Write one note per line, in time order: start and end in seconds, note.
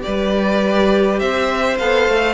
0.00 1.75 G4
0.00 1.20 B4
0.00 1.19 D5
0.06 1.21 G3
1.19 1.79 C4
1.19 2.34 C5
1.19 1.77 E5
1.78 2.08 B3
1.78 2.34 A4
1.78 2.34 F5
2.08 2.34 A3